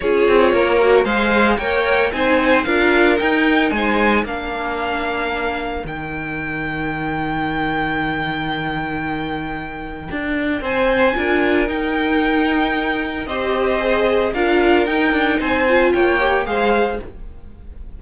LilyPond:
<<
  \new Staff \with { instrumentName = "violin" } { \time 4/4 \tempo 4 = 113 cis''2 f''4 g''4 | gis''4 f''4 g''4 gis''4 | f''2. g''4~ | g''1~ |
g''1 | gis''2 g''2~ | g''4 dis''2 f''4 | g''4 gis''4 g''4 f''4 | }
  \new Staff \with { instrumentName = "violin" } { \time 4/4 gis'4 ais'4 c''4 cis''4 | c''4 ais'2 c''4 | ais'1~ | ais'1~ |
ais'1 | c''4 ais'2.~ | ais'4 c''2 ais'4~ | ais'4 c''4 cis''4 c''4 | }
  \new Staff \with { instrumentName = "viola" } { \time 4/4 f'4. fis'8 gis'4 ais'4 | dis'4 f'4 dis'2 | d'2. dis'4~ | dis'1~ |
dis'1~ | dis'4 f'4 dis'2~ | dis'4 g'4 gis'4 f'4 | dis'4. f'4 g'8 gis'4 | }
  \new Staff \with { instrumentName = "cello" } { \time 4/4 cis'8 c'8 ais4 gis4 ais4 | c'4 d'4 dis'4 gis4 | ais2. dis4~ | dis1~ |
dis2. d'4 | c'4 d'4 dis'2~ | dis'4 c'2 d'4 | dis'8 d'8 c'4 ais4 gis4 | }
>>